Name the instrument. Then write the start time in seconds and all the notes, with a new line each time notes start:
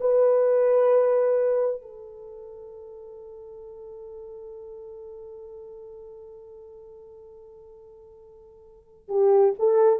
horn
0.00 B4
1.81 A4
9.08 G4
9.59 A4